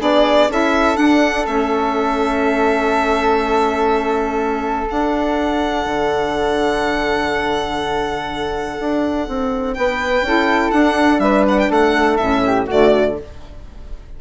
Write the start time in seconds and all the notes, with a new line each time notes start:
0.00 B3 D4 G#4 D5
0.49 C#4 E4 A4 E5
0.96 D4 F#5
1.46 A3 C#4 E5
4.86 D4 F#5
5.86 D3
8.80 D4
9.28 C4
9.74 B3 B4 G5
10.22 C#4 E4 A4
10.71 D4 F#5
11.19 G3 B4 E5
11.48 F#5
11.59 G5
11.70 A3 A4 F#5
12.17 A2 C#4 E5
12.47 G4
12.67 D3 A3 F#4 D5